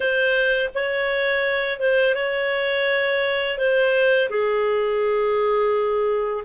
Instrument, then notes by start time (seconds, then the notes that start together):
clarinet
0.00 C5
0.74 C#5
1.79 C5
2.15 C#5
3.57 C5
4.29 G#4